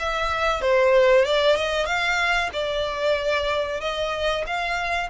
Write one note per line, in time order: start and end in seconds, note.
0.00 0.62 E5
0.62 1.26 C5
1.26 1.57 D5
1.57 1.86 D#5
1.86 2.50 F5
2.54 3.81 D5
3.81 4.45 D#5
4.47 5.10 F5